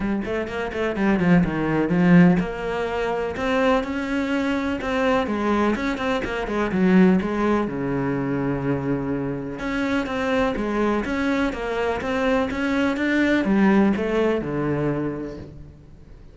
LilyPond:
\new Staff \with { instrumentName = "cello" } { \time 4/4 \tempo 4 = 125 g8 a8 ais8 a8 g8 f8 dis4 | f4 ais2 c'4 | cis'2 c'4 gis4 | cis'8 c'8 ais8 gis8 fis4 gis4 |
cis1 | cis'4 c'4 gis4 cis'4 | ais4 c'4 cis'4 d'4 | g4 a4 d2 | }